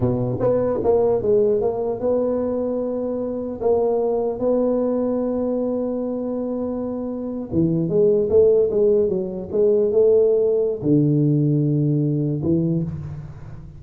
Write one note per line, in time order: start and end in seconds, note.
0.00 0.38 B2
0.40 0.80 B3
0.83 1.21 A#3
1.21 1.61 G#3
1.61 1.99 A#3
1.99 3.59 B3
3.61 4.39 A#3
4.39 7.49 B3
7.52 7.89 E3
7.89 8.29 G#3
8.29 8.69 A3
8.70 9.08 G#3
9.08 9.48 F#3
9.51 9.91 G#3
9.91 10.81 A3
10.81 12.41 D3
12.43 12.83 E3